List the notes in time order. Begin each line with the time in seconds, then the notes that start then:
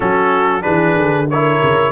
0.00 F#3 C#4 F#4 A4
0.61 E3 D4 G#4 B4
0.95 D3
1.30 E4 A#4 C#5
1.62 C#3